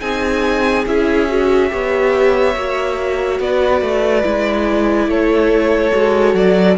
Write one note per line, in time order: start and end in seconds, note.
0.00 0.85 C4
0.00 0.85 D#4
0.00 1.70 G#4
0.00 0.85 G#5
0.86 1.70 C#4
0.86 1.28 E4
0.86 3.40 E5
1.28 1.69 F#4
1.69 2.55 B3
1.69 2.54 G4
1.69 3.40 C#5
2.55 3.39 A#3
2.55 4.23 F#4
3.39 3.81 B3
3.39 5.08 B4
3.39 5.10 D5
3.81 4.23 A3
4.23 5.07 G#3
4.23 5.92 E4
5.07 5.91 A3
5.07 6.77 A4
5.07 6.35 C#5
5.92 6.34 G#3
5.92 6.77 F#4
6.34 6.76 F#3
6.34 6.77 D5